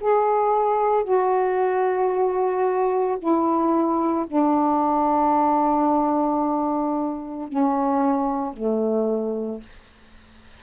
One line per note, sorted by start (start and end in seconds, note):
0.00 1.04 G#4
1.04 3.18 F#4
3.19 4.26 E4
4.27 7.48 D4
7.48 8.53 C#4
8.53 9.60 A3